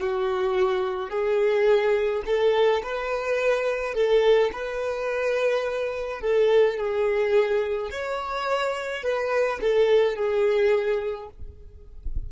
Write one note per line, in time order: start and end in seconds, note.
0.00 1.10 F#4
1.10 2.23 G#4
2.26 2.83 A4
2.83 3.94 B4
3.94 4.51 A4
4.52 6.21 B4
6.21 6.77 A4
6.77 7.90 G#4
7.90 9.03 C#5
9.03 9.60 B4
9.61 10.16 A4
10.16 11.29 G#4